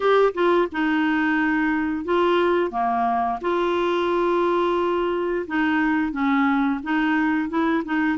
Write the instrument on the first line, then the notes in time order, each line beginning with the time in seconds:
clarinet
0.00 G4
0.34 F4
0.72 D#4
2.05 F4
2.71 A#3
3.41 F4
5.47 D#4
6.11 C#4
6.83 D#4
7.49 E4
7.84 D#4